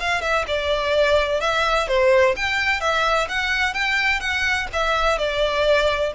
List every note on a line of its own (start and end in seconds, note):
0.00 0.21 F5
0.21 0.45 E5
0.47 1.41 D5
1.41 1.88 E5
1.88 2.35 C5
2.36 2.80 G5
2.80 3.28 E5
3.29 3.74 F#5
3.74 4.20 G5
4.20 4.68 F#5
4.73 5.18 E5
5.18 6.13 D5